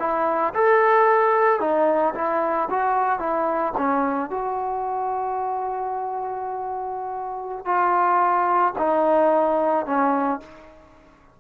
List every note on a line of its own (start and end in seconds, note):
0.00 0.54 E4
0.54 1.60 A4
1.60 2.14 D#4
2.15 2.69 E4
2.70 3.19 F#4
3.19 3.73 E4
3.77 4.30 C#4
4.30 7.66 F#4
7.66 8.74 F4
8.78 9.86 D#4
9.86 10.40 C#4